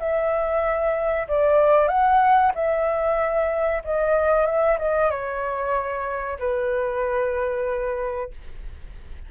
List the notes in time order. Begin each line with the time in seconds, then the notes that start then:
0.00 E5
1.29 D5
1.89 F#5
2.55 E5
3.85 D#5
4.47 E5
4.79 D#5
5.11 C#5
6.40 B4